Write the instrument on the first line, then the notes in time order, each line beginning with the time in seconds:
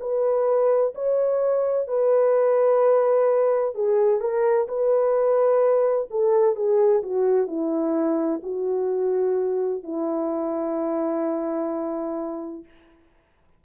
horn
0.00 B4
0.95 C#5
1.87 B4
3.75 G#4
4.20 A#4
4.68 B4
6.10 A4
6.55 G#4
7.03 F#4
7.47 E4
8.43 F#4
9.83 E4